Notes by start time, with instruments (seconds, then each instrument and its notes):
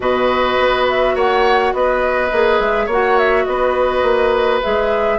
0.00 bassoon B2, clarinet F#4, oboe B4, flute D#5
0.59 bassoon B3
0.88 flute E5
1.15 bassoon A#3, oboe C#5, flute F#5
1.73 bassoon B3, oboe B4, flute D#5
2.31 bassoon A#3, clarinet G#4
2.59 bassoon G#3, flute E5
2.86 bassoon A#3, clarinet F#4, oboe C#5
2.92 flute F#5
3.18 flute E5
3.44 bassoon B3, oboe B4, flute D#5
4.02 bassoon A#3
4.62 bassoon G#3, clarinet G#4, flute E5